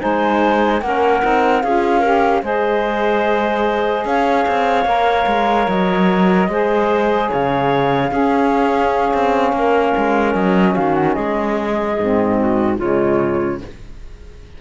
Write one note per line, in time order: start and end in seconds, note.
0.00 0.82 G#3
0.00 0.81 D#4
0.00 0.82 C5
0.00 0.82 G#5
0.82 1.22 A#3
0.82 1.22 C#4
0.82 1.64 A#4
0.82 1.62 F#5
1.22 1.64 C4
1.22 1.63 D#4
1.62 2.43 C#4
1.62 2.04 F4
1.62 2.00 G#4
1.62 2.43 F5
2.00 2.43 G4
2.00 2.40 A#4
2.43 4.05 G#3
2.43 4.86 G#4
2.43 4.07 C5
2.43 4.07 D#5
4.05 4.46 C#4
4.05 6.51 C#5
4.05 5.69 F5
4.48 4.85 C4
4.85 5.26 A#3
4.85 6.50 A#4
5.27 5.68 G#3
5.69 6.48 F#3
5.69 7.31 D#5
6.48 7.29 G#3
6.48 8.09 G#4
6.48 7.30 C5
7.30 8.12 C#3
7.30 8.11 C#5
7.30 10.35 F5
8.09 11.95 C#4
8.09 9.13 C#4
8.09 9.53 G#4
9.14 9.53 C4
9.53 9.93 A#3
9.53 10.75 A#4
9.98 10.35 G#3
10.35 10.76 F#3
10.35 10.75 D#5
10.75 11.17 D#3
10.75 11.15 F#4
10.75 10.95 F5
10.95 11.14 F#5
11.14 11.98 G#3
11.14 12.37 G#4
11.14 12.76 D#5
12.00 12.81 G#2
12.00 12.78 C4
12.40 12.78 F#4
12.78 13.62 C#3
12.78 13.59 G#3
12.78 13.59 F4
12.78 13.61 C#5